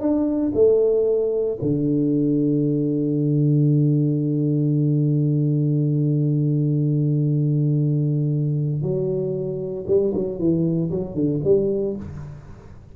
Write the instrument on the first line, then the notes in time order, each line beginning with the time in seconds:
tuba
0.00 D4
0.54 A3
1.61 D3
8.82 F#3
9.87 G3
10.14 F#3
10.38 E3
10.90 F#3
11.14 D3
11.44 G3